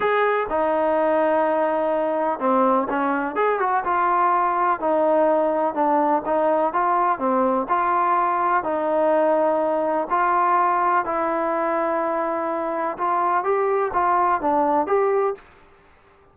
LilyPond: \new Staff \with { instrumentName = "trombone" } { \time 4/4 \tempo 4 = 125 gis'4 dis'2.~ | dis'4 c'4 cis'4 gis'8 fis'8 | f'2 dis'2 | d'4 dis'4 f'4 c'4 |
f'2 dis'2~ | dis'4 f'2 e'4~ | e'2. f'4 | g'4 f'4 d'4 g'4 | }